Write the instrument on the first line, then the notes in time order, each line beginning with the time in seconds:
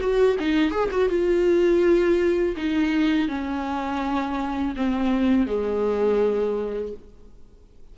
viola
0.00 F#4
0.39 D#4
0.71 G#4
0.91 F#4
1.09 F4
2.57 D#4
3.28 C#4
4.76 C4
5.47 G#3